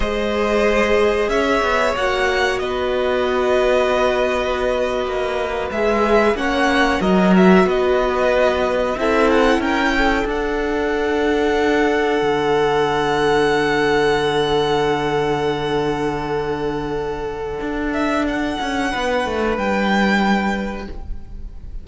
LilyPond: <<
  \new Staff \with { instrumentName = "violin" } { \time 4/4 \tempo 4 = 92 dis''2 e''4 fis''4 | dis''1~ | dis''8. e''4 fis''4 dis''8 e''8 dis''16~ | dis''4.~ dis''16 e''8 fis''8 g''4 fis''16~ |
fis''1~ | fis''1~ | fis''2.~ fis''8 e''8 | fis''2 g''2 | }
  \new Staff \with { instrumentName = "violin" } { \time 4/4 c''2 cis''2 | b'1~ | b'4.~ b'16 cis''4 ais'4 b'16~ | b'4.~ b'16 a'4 ais'8 a'8.~ |
a'1~ | a'1~ | a'1~ | a'4 b'2. | }
  \new Staff \with { instrumentName = "viola" } { \time 4/4 gis'2. fis'4~ | fis'1~ | fis'8. gis'4 cis'4 fis'4~ fis'16~ | fis'4.~ fis'16 e'2 d'16~ |
d'1~ | d'1~ | d'1~ | d'1 | }
  \new Staff \with { instrumentName = "cello" } { \time 4/4 gis2 cis'8 b8 ais4 | b2.~ b8. ais16~ | ais8. gis4 ais4 fis4 b16~ | b4.~ b16 c'4 cis'4 d'16~ |
d'2~ d'8. d4~ d16~ | d1~ | d2. d'4~ | d'8 cis'8 b8 a8 g2 | }
>>